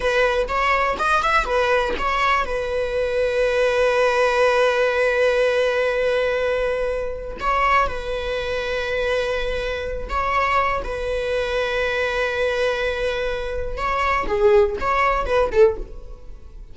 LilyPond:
\new Staff \with { instrumentName = "viola" } { \time 4/4 \tempo 4 = 122 b'4 cis''4 dis''8 e''8 b'4 | cis''4 b'2.~ | b'1~ | b'2. cis''4 |
b'1~ | b'8 cis''4. b'2~ | b'1 | cis''4 gis'4 cis''4 b'8 a'8 | }